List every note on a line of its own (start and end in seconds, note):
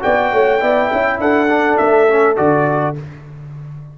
0.00 0.32 B3
0.00 0.59 F#4
0.00 0.32 D5
0.00 1.20 G5
0.32 0.61 A3
0.32 0.61 C#5
0.60 0.91 B3
0.60 1.48 E4
0.60 0.90 D5
0.92 1.18 C#4
0.92 1.21 E5
1.18 1.77 D4
1.18 2.97 A4
1.18 1.77 F#5
1.49 2.08 D4
1.77 2.38 A3
1.77 2.36 E5
2.08 2.36 C#4
2.36 2.97 D3
2.36 2.95 F#4
2.36 2.95 D5